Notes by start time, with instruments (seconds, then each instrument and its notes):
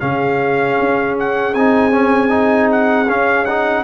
0.00 tuba C#3, trombone C#4, horn G#4, trumpet F5
0.80 tuba C#4
1.20 trumpet F#5
1.54 tuba C4, trombone D#4, trumpet G#5
1.92 trombone C#4
2.29 trombone D#4
2.72 trumpet F#5
3.08 tuba C#4, trombone C#4, trumpet F5
3.45 trombone D#4, trumpet F#5